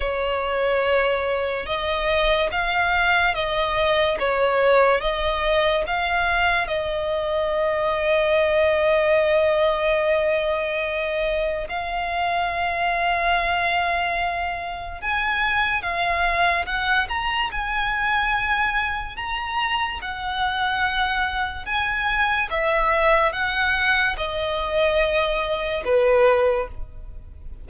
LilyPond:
\new Staff \with { instrumentName = "violin" } { \time 4/4 \tempo 4 = 72 cis''2 dis''4 f''4 | dis''4 cis''4 dis''4 f''4 | dis''1~ | dis''2 f''2~ |
f''2 gis''4 f''4 | fis''8 ais''8 gis''2 ais''4 | fis''2 gis''4 e''4 | fis''4 dis''2 b'4 | }